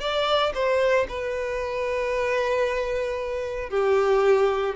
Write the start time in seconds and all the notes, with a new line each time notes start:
0.00 D5
0.54 C5
1.08 B4
3.70 G4